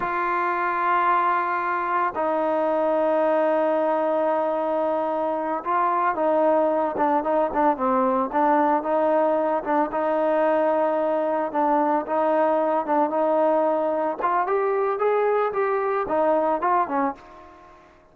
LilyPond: \new Staff \with { instrumentName = "trombone" } { \time 4/4 \tempo 4 = 112 f'1 | dis'1~ | dis'2~ dis'8 f'4 dis'8~ | dis'4 d'8 dis'8 d'8 c'4 d'8~ |
d'8 dis'4. d'8 dis'4.~ | dis'4. d'4 dis'4. | d'8 dis'2 f'8 g'4 | gis'4 g'4 dis'4 f'8 cis'8 | }